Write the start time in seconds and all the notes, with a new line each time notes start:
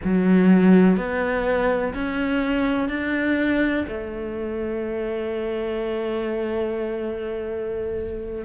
0.04 F#3
0.97 B3
1.94 C#4
2.89 D4
3.88 A3